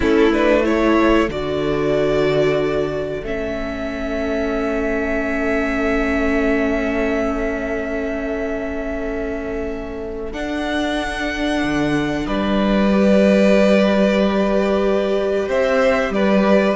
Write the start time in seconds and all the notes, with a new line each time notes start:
0.00 A3 C#4 E4 A4
0.32 D4 B4
0.63 E4 A4 C#5
1.28 D3 F#4 D5
3.23 A3 C#4 E5
10.31 D4 F#5
11.63 D3
12.26 G3 B4 D5
12.90 G4
15.47 C4 C5 E5
16.09 G3 B4 D5